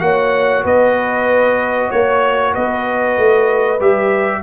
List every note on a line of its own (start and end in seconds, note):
0.00 0.65 A#3
0.00 3.79 F#4
0.00 0.64 C#5
0.00 0.64 F#5
0.64 1.91 B3
0.64 1.89 B4
0.64 1.91 D#5
1.89 2.56 A#3
1.89 2.52 C#5
1.89 2.54 C#5
2.52 3.18 B3
2.52 4.41 B4
2.52 3.81 D#5
3.18 3.81 A3
3.81 4.43 G3
3.81 4.43 G4
3.81 4.43 E5